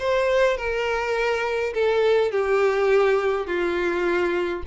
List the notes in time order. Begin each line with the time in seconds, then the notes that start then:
0.00 C5
0.57 A#4
1.74 A4
2.32 G4
3.47 F4